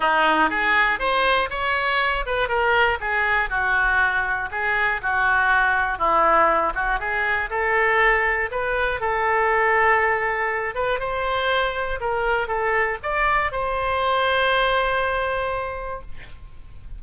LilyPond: \new Staff \with { instrumentName = "oboe" } { \time 4/4 \tempo 4 = 120 dis'4 gis'4 c''4 cis''4~ | cis''8 b'8 ais'4 gis'4 fis'4~ | fis'4 gis'4 fis'2 | e'4. fis'8 gis'4 a'4~ |
a'4 b'4 a'2~ | a'4. b'8 c''2 | ais'4 a'4 d''4 c''4~ | c''1 | }